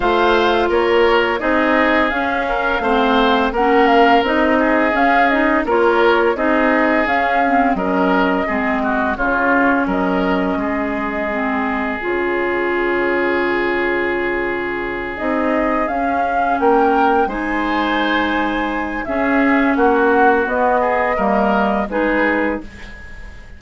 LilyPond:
<<
  \new Staff \with { instrumentName = "flute" } { \time 4/4 \tempo 4 = 85 f''4 cis''4 dis''4 f''4~ | f''4 fis''8 f''8 dis''4 f''8 dis''8 | cis''4 dis''4 f''4 dis''4~ | dis''4 cis''4 dis''2~ |
dis''4 cis''2.~ | cis''4. dis''4 f''4 g''8~ | g''8 gis''2~ gis''8 e''4 | fis''4 dis''2 b'4 | }
  \new Staff \with { instrumentName = "oboe" } { \time 4/4 c''4 ais'4 gis'4. ais'8 | c''4 ais'4. gis'4. | ais'4 gis'2 ais'4 | gis'8 fis'8 f'4 ais'4 gis'4~ |
gis'1~ | gis'2.~ gis'8 ais'8~ | ais'8 c''2~ c''8 gis'4 | fis'4. gis'8 ais'4 gis'4 | }
  \new Staff \with { instrumentName = "clarinet" } { \time 4/4 f'2 dis'4 cis'4 | c'4 cis'4 dis'4 cis'8 dis'8 | f'4 dis'4 cis'8 c'8 cis'4 | c'4 cis'2. |
c'4 f'2.~ | f'4. dis'4 cis'4.~ | cis'8 dis'2~ dis'8 cis'4~ | cis'4 b4 ais4 dis'4 | }
  \new Staff \with { instrumentName = "bassoon" } { \time 4/4 a4 ais4 c'4 cis'4 | a4 ais4 c'4 cis'4 | ais4 c'4 cis'4 fis4 | gis4 cis4 fis4 gis4~ |
gis4 cis2.~ | cis4. c'4 cis'4 ais8~ | ais8 gis2~ gis8 cis'4 | ais4 b4 g4 gis4 | }
>>